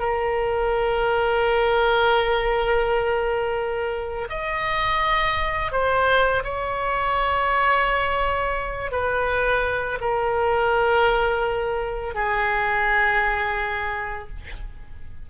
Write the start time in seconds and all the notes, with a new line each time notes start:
0.00 A#4
4.30 D#5
5.72 C5
6.44 C#5
8.92 B4
10.01 A#4
12.15 G#4